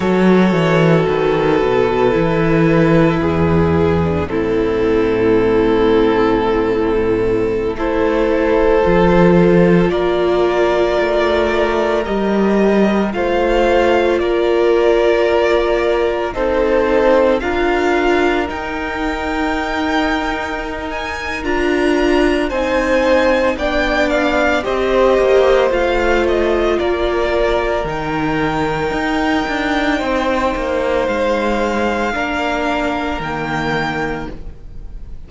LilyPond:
<<
  \new Staff \with { instrumentName = "violin" } { \time 4/4 \tempo 4 = 56 cis''4 b'2. | a'2.~ a'16 c''8.~ | c''4~ c''16 d''2 dis''8.~ | dis''16 f''4 d''2 c''8.~ |
c''16 f''4 g''2~ g''16 gis''8 | ais''4 gis''4 g''8 f''8 dis''4 | f''8 dis''8 d''4 g''2~ | g''4 f''2 g''4 | }
  \new Staff \with { instrumentName = "violin" } { \time 4/4 a'2. gis'4 | e'2.~ e'16 a'8.~ | a'4~ a'16 ais'2~ ais'8.~ | ais'16 c''4 ais'2 a'8.~ |
a'16 ais'2.~ ais'8.~ | ais'4 c''4 d''4 c''4~ | c''4 ais'2. | c''2 ais'2 | }
  \new Staff \with { instrumentName = "viola" } { \time 4/4 fis'2 e'4.~ e'16 d'16 | c'2.~ c'16 e'8.~ | e'16 f'2. g'8.~ | g'16 f'2. dis'8.~ |
dis'16 f'4 dis'2~ dis'8. | f'4 dis'4 d'4 g'4 | f'2 dis'2~ | dis'2 d'4 ais4 | }
  \new Staff \with { instrumentName = "cello" } { \time 4/4 fis8 e8 dis8 b,8 e4 e,4 | a,2.~ a,16 a8.~ | a16 f4 ais4 a4 g8.~ | g16 a4 ais2 c'8.~ |
c'16 d'4 dis'2~ dis'8. | d'4 c'4 b4 c'8 ais8 | a4 ais4 dis4 dis'8 d'8 | c'8 ais8 gis4 ais4 dis4 | }
>>